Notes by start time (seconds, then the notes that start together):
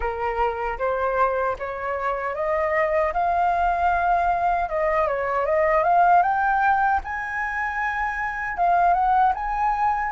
0.00 A#4
0.78 C5
1.58 C#5
2.34 D#5
3.13 F5
4.69 D#5
5.07 C#5
5.45 D#5
5.83 F5
6.22 G5
7.03 G#5
8.57 F5
8.93 F#5
9.34 G#5